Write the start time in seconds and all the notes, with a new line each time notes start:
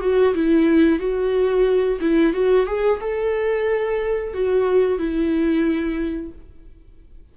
0.00 F#4
0.34 E4
0.98 F#4
2.00 E4
2.33 F#4
2.66 G#4
3.00 A4
4.33 F#4
4.98 E4